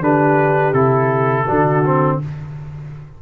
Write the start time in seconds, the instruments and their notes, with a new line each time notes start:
0.00 tuba D3, trombone D4, horn G4, trumpet B4
0.72 tuba C3, trombone E4, trumpet A4
1.45 tuba D3, trombone D4, horn F#4
1.85 trombone C4